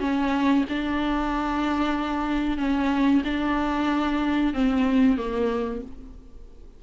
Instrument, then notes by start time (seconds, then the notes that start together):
viola
0.00 C#4
0.70 D4
2.58 C#4
3.25 D4
4.54 C4
5.17 A#3